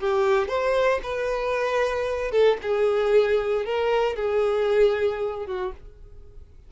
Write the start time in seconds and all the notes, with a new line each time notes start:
0.00 G4
0.48 C5
1.03 B4
2.31 A4
2.62 G#4
3.65 A#4
4.16 G#4
5.46 F#4